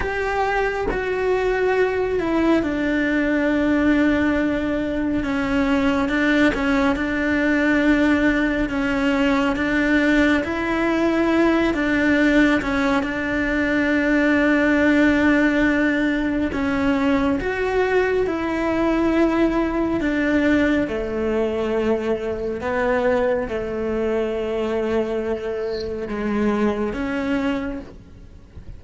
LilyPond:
\new Staff \with { instrumentName = "cello" } { \time 4/4 \tempo 4 = 69 g'4 fis'4. e'8 d'4~ | d'2 cis'4 d'8 cis'8 | d'2 cis'4 d'4 | e'4. d'4 cis'8 d'4~ |
d'2. cis'4 | fis'4 e'2 d'4 | a2 b4 a4~ | a2 gis4 cis'4 | }